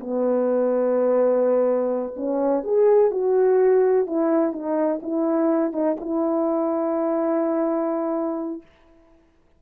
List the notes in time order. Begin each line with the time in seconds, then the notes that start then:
0.00 B3
2.16 C#4
2.63 G#4
3.11 F#4
4.06 E4
4.52 D#4
5.02 E4
5.72 D#4
6.00 E4